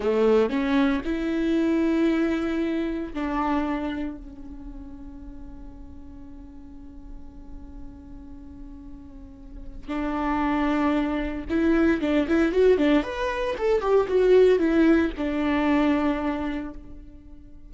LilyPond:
\new Staff \with { instrumentName = "viola" } { \time 4/4 \tempo 4 = 115 a4 cis'4 e'2~ | e'2 d'2 | cis'1~ | cis'1~ |
cis'2. d'4~ | d'2 e'4 d'8 e'8 | fis'8 d'8 b'4 a'8 g'8 fis'4 | e'4 d'2. | }